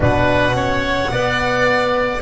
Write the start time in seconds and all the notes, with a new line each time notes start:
0.00 B2 D4 B4 F#5
0.53 C#4 C#5
1.10 B3 D5